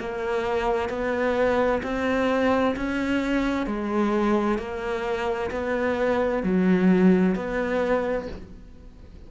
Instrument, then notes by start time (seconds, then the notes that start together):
cello
0.00 A#3
0.89 B3
1.83 C4
2.76 C#4
3.67 G#3
4.58 A#3
5.51 B3
6.43 F#3
7.36 B3